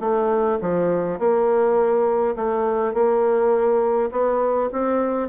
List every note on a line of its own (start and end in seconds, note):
0.00 0.58 A3
0.61 1.19 F3
1.19 2.35 A#3
2.36 2.93 A3
2.93 4.10 A#3
4.11 4.69 B3
4.72 5.29 C4